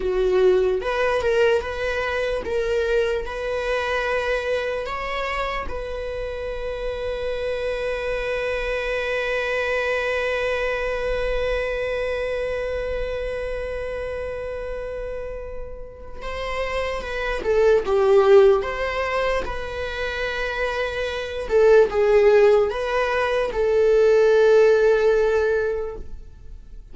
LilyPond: \new Staff \with { instrumentName = "viola" } { \time 4/4 \tempo 4 = 74 fis'4 b'8 ais'8 b'4 ais'4 | b'2 cis''4 b'4~ | b'1~ | b'1~ |
b'1 | c''4 b'8 a'8 g'4 c''4 | b'2~ b'8 a'8 gis'4 | b'4 a'2. | }